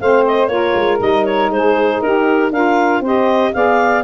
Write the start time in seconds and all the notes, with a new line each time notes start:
0.00 A3 C4 C5 F5
0.26 D#5
0.47 A#3 F4 A#4 C#5
0.75 G#3
0.97 G3 D#4 D#5
1.25 C#5
1.49 G#3 G#4 C5
2.01 D#4 G4 A#4
2.51 D4 F4 A#4 F5
3.00 C4 G4 C5 D#5
3.53 B3 G#4 D5 F5